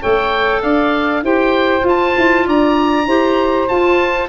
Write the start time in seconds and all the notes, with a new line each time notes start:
0.00 A3 A4 C#5 G5
0.62 D4 D5 F5
1.23 E4 G4 C5 G5
1.82 F4
1.88 A5
2.18 E4
2.46 D4 D5 A#5
3.07 E4 G4 C5
3.68 F4 A5